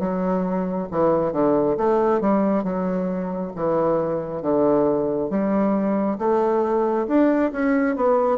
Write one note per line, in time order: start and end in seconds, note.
0.00 0.88 F#3
0.91 1.33 E3
1.33 1.77 D3
1.77 2.21 A3
2.21 2.64 G3
2.64 3.52 F#3
3.56 4.42 E3
4.42 5.30 D3
5.30 6.18 G3
6.19 7.07 A3
7.08 7.52 D4
7.52 7.97 C#4
7.97 8.38 B3